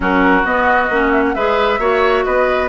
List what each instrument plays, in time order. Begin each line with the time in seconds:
0.00 bassoon F#3, clarinet C#4, oboe F#4, flute A#4
0.44 clarinet B3, bassoon B3, flute D#5
0.89 bassoon A#3, clarinet C#4
1.11 flute E5
1.28 flute E5 F#5
1.35 bassoon G#3, clarinet G#4, oboe B4
1.78 bassoon A#3, clarinet F#4, oboe C#5
2.24 bassoon B3, oboe B4, flute D#5